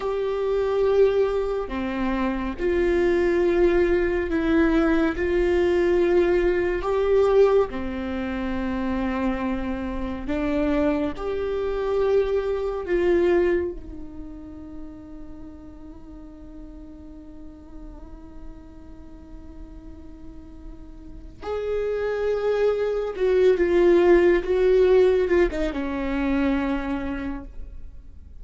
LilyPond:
\new Staff \with { instrumentName = "viola" } { \time 4/4 \tempo 4 = 70 g'2 c'4 f'4~ | f'4 e'4 f'2 | g'4 c'2. | d'4 g'2 f'4 |
dis'1~ | dis'1~ | dis'4 gis'2 fis'8 f'8~ | f'8 fis'4 f'16 dis'16 cis'2 | }